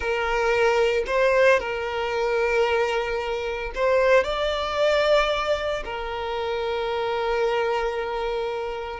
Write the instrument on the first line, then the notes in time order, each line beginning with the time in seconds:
violin
0.00 A#4
1.06 C5
1.59 A#4
3.74 C5
4.24 D5
5.84 A#4